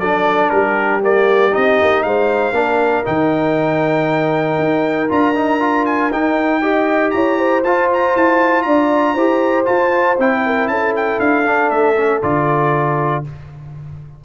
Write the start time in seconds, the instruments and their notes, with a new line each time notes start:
0.00 tuba F#3, trombone D4, horn A4, trumpet D5
0.50 tuba G3, horn G4, trumpet A#4
1.02 trombone A#3, trumpet D5
1.51 tuba C4, trombone D#4, trumpet D#5
1.82 tuba A#3
2.03 tuba G#3, horn C5, trumpet F5
2.52 tuba A#3, trombone D4, horn A#4
3.05 tuba D#3, trombone D#4, trumpet G5
4.59 tuba D#4
5.09 tuba D4, trombone F4, trumpet A#5
5.35 trombone D#4
5.60 trombone F4
5.86 trumpet G#5
6.11 tuba D#4, trombone D#4, trumpet G5
6.61 trombone G4, horn D#5
7.11 tuba E4, horn C#5, trumpet A#5
7.39 horn C5
7.64 tuba F4, trombone F4, trumpet A5
7.93 trumpet A#5
8.16 tuba E4, trumpet A5
8.63 tuba D4, horn D5, trumpet A#5
9.15 tuba E4, trombone G4, horn C5
9.65 trombone F4, tuba F4, trumpet A5
10.19 tuba C4, trombone E4, trumpet G5
10.46 horn A#4
10.68 tuba C#4, horn A4, trumpet A5
10.96 trumpet G5
11.20 tuba D4, trumpet F5
11.45 trombone D4
11.70 tuba A3, trumpet E5
11.97 trombone C#4
12.23 tuba D3, trombone F4, trumpet D5